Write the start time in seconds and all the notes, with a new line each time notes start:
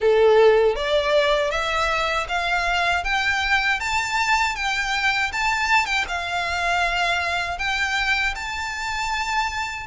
0.00 A4
0.75 D5
1.51 E5
2.28 F5
3.04 G5
3.80 A5
4.55 G5
5.32 A5
5.86 G5
6.08 F5
7.58 G5
8.35 A5